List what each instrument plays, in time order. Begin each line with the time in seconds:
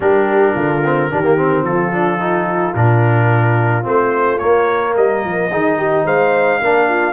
0.00 tuba G3, trombone D4, horn G4, trumpet A#4
0.55 tuba D3, horn F4
0.84 trombone C4
1.10 tuba D#3, trombone D4, horn G4
1.23 trombone A#3
1.36 trombone C4
1.62 tuba F3, horn F4, trumpet A4
1.92 trombone D4
2.19 trombone D#4
2.75 tuba A#2, trombone D4, trumpet A#4
3.83 tuba A3, trombone C4, trumpet C5
4.38 trombone A#3, tuba A#3, trumpet C#5
4.94 tuba G3, horn A#4, trumpet D#5
5.24 tuba F3
5.51 tuba D#3, trombone D#4, horn G#4
5.78 horn G4
6.05 tuba G#3, horn C5, trumpet F5
6.60 tuba A#3, trombone D4, horn A#4
6.88 horn F4